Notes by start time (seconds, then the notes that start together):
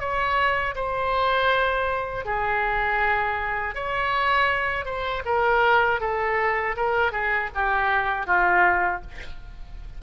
0.00 C#5
0.75 C5
2.26 G#4
3.75 C#5
4.85 C5
5.26 A#4
6.01 A4
6.77 A#4
7.12 G#4
7.55 G4
8.27 F4